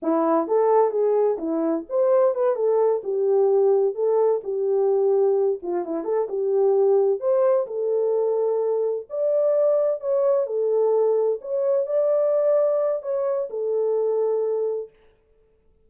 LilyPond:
\new Staff \with { instrumentName = "horn" } { \time 4/4 \tempo 4 = 129 e'4 a'4 gis'4 e'4 | c''4 b'8 a'4 g'4.~ | g'8 a'4 g'2~ g'8 | f'8 e'8 a'8 g'2 c''8~ |
c''8 a'2. d''8~ | d''4. cis''4 a'4.~ | a'8 cis''4 d''2~ d''8 | cis''4 a'2. | }